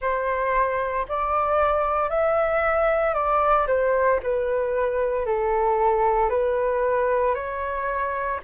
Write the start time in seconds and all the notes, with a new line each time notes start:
0.00 C5
1.08 D5
2.09 E5
3.13 D5
3.67 C5
4.22 B4
5.26 A4
6.29 B4
7.34 C#5